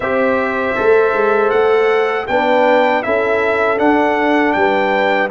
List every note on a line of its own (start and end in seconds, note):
0.00 0.75 C4
0.00 0.75 G4
0.00 2.27 C5
0.00 1.50 E5
0.75 1.13 A3
0.75 2.27 A4
1.13 1.51 G#3
1.50 2.28 A3
1.50 2.26 F#5
2.27 3.05 B3
2.27 3.03 D4
2.27 3.05 B4
2.27 3.02 G5
3.02 3.79 C#4
3.02 3.77 E4
3.02 4.57 A4
3.02 3.78 E5
3.77 5.29 D4
3.77 4.55 D4
3.77 4.52 F#5
4.52 5.31 G3
4.52 5.31 B4
4.52 5.28 G5